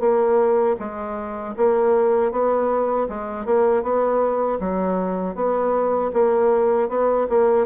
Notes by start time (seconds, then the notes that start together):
0.00 A#3
0.79 G#3
1.57 A#3
2.32 B3
3.09 G#3
3.46 A#3
3.83 B3
4.60 F#3
5.35 B3
6.13 A#3
6.89 B3
7.29 A#3